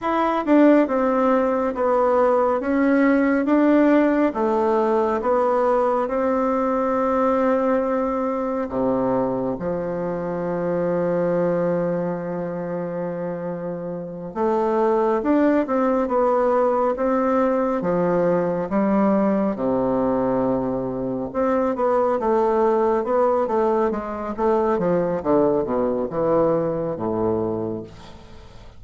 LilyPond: \new Staff \with { instrumentName = "bassoon" } { \time 4/4 \tempo 4 = 69 e'8 d'8 c'4 b4 cis'4 | d'4 a4 b4 c'4~ | c'2 c4 f4~ | f1~ |
f8 a4 d'8 c'8 b4 c'8~ | c'8 f4 g4 c4.~ | c8 c'8 b8 a4 b8 a8 gis8 | a8 f8 d8 b,8 e4 a,4 | }